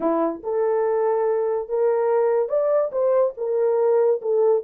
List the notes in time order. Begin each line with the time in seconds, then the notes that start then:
0.00 E4
0.43 A4
1.69 A#4
2.49 D5
2.91 C5
3.37 A#4
4.21 A4